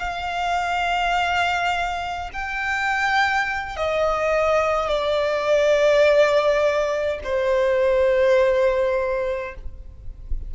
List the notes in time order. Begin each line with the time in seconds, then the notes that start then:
0.00 F5
2.33 G5
3.77 D#5
4.89 D5
7.24 C5